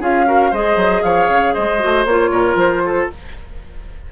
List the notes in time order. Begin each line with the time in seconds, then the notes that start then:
0.00 C#4 F4 G#4 F5
0.25 F#4 A#4
0.50 G#3 G#4 C5 D#5
0.76 F#3
1.03 F3 C#5 F5
1.29 C#3
1.53 G#3 C5 D#5
1.79 A3 F#4
2.05 A#3 F4 C#5
2.30 A#2 A#4
2.55 F3 C5
2.85 A4